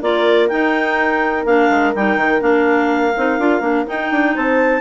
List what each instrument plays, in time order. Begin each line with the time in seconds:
0.00 bassoon A#3, clarinet F4 D5, horn A#4
0.49 clarinet D#4 G5, bassoon D#4
1.46 bassoon A#3, clarinet D4 F5
1.70 bassoon G#3
1.95 bassoon G3, clarinet D#4 G5
2.17 bassoon D#3
2.40 bassoon A#3, clarinet D4 F5
3.17 bassoon C4, clarinet D#4
3.39 bassoon D4, clarinet F4
3.61 bassoon A#3, clarinet D4
3.86 clarinet D#4 G5, bassoon D#4
4.11 bassoon D4
4.35 bassoon C4, horn C5, clarinet A5